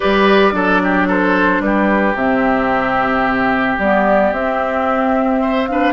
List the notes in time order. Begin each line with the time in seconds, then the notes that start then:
0.00 G3 G4 B4 D5
0.52 F#3 D4 A4
0.83 G4
1.07 A4 C5
1.59 G3 G4 B4
2.14 C3 C4 E5
3.78 G3 B3 D5
4.31 C4 E5
5.41 C5
5.66 D4 B4 F5